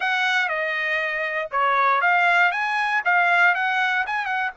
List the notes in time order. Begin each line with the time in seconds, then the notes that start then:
0.00 F#5
0.48 D#5
1.51 C#5
2.01 F5
2.51 G#5
3.04 F5
3.54 F#5
4.06 G#5
4.25 F#5